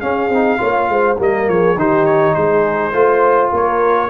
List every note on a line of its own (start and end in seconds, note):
0.00 0.30 C#4
0.00 0.29 C#4
0.00 0.59 G#4
0.00 1.17 F5
0.29 0.58 C4
0.29 0.58 D#4
0.58 0.88 A#3
0.58 1.16 F4
0.58 0.88 C#5
0.88 1.17 G#3
0.88 1.20 C5
1.17 1.48 G3
1.17 1.76 A#3
1.17 1.49 A#4
1.17 1.49 D#5
1.48 1.76 F3
1.48 1.78 G#4
1.48 1.78 C#5
1.76 2.34 D#3
1.76 2.92 D#4
1.76 2.35 G4
1.76 2.05 C5
2.05 2.34 C#5
2.34 2.93 G#3
2.34 2.93 G#4
2.34 3.50 C5
2.92 3.51 A3
2.92 4.09 F4
2.92 3.51 C5
3.52 4.10 A#3
3.52 4.10 A#4
3.52 4.10 C#5